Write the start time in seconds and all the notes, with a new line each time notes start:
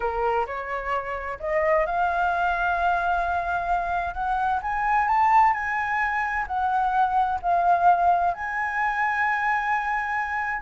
0.00 A#4
0.46 C#5
1.39 D#5
1.86 F5
4.14 F#5
4.62 G#5
5.07 A5
5.53 G#5
6.47 F#5
7.42 F5
8.33 G#5